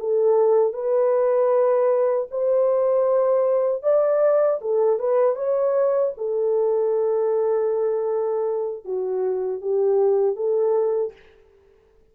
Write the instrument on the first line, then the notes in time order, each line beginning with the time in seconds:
horn
0.00 A4
0.74 B4
2.31 C5
3.83 D5
4.62 A4
5.00 B4
5.36 C#5
6.17 A4
8.85 F#4
9.62 G4
10.36 A4